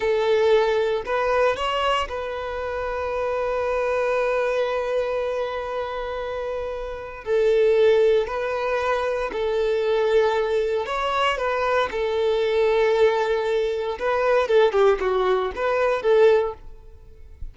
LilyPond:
\new Staff \with { instrumentName = "violin" } { \time 4/4 \tempo 4 = 116 a'2 b'4 cis''4 | b'1~ | b'1~ | b'2 a'2 |
b'2 a'2~ | a'4 cis''4 b'4 a'4~ | a'2. b'4 | a'8 g'8 fis'4 b'4 a'4 | }